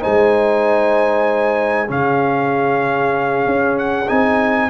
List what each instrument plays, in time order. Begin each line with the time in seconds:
0.00 tuba G#3, trombone D#4, horn C5, trumpet G#5
1.87 tuba C#3, trombone C#4, horn G#4, trumpet F5
3.46 tuba C#4
3.78 trumpet F#5
4.07 tuba C4, trombone D#4, trumpet G#5